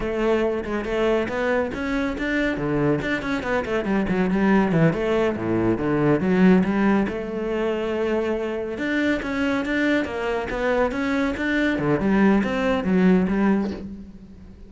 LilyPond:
\new Staff \with { instrumentName = "cello" } { \time 4/4 \tempo 4 = 140 a4. gis8 a4 b4 | cis'4 d'4 d4 d'8 cis'8 | b8 a8 g8 fis8 g4 e8 a8~ | a8 a,4 d4 fis4 g8~ |
g8 a2.~ a8~ | a8 d'4 cis'4 d'4 ais8~ | ais8 b4 cis'4 d'4 d8 | g4 c'4 fis4 g4 | }